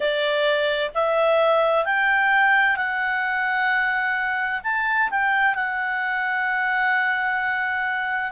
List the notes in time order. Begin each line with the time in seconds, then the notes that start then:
0.00 D5
0.94 E5
1.85 G5
2.76 F#5
4.63 A5
5.10 G5
5.54 F#5